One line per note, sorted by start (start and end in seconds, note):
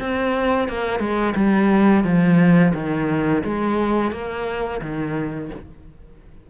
0.00 0.68 C4
0.68 0.99 A#3
0.99 1.34 G#3
1.36 2.04 G3
2.04 2.73 F3
2.74 3.43 D#3
3.44 4.12 G#3
4.12 4.81 A#3
4.81 5.50 D#3